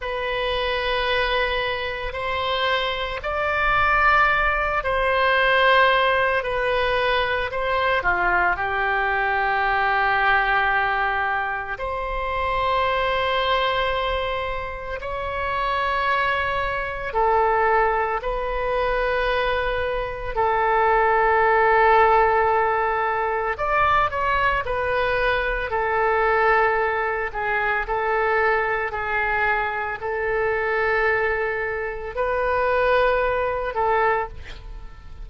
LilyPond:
\new Staff \with { instrumentName = "oboe" } { \time 4/4 \tempo 4 = 56 b'2 c''4 d''4~ | d''8 c''4. b'4 c''8 f'8 | g'2. c''4~ | c''2 cis''2 |
a'4 b'2 a'4~ | a'2 d''8 cis''8 b'4 | a'4. gis'8 a'4 gis'4 | a'2 b'4. a'8 | }